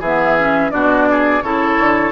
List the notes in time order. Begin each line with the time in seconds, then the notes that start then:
0.00 E3 B3 G#4 E5
0.39 C#4
0.71 B2 D4 F#4 D5
1.10 G#4
1.42 C#3 E4 A4 C#5
1.79 D3